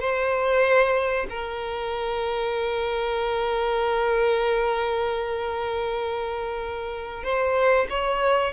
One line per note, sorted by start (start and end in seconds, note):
0.00 1.26 C5
1.29 7.23 A#4
7.23 7.87 C5
7.89 8.53 C#5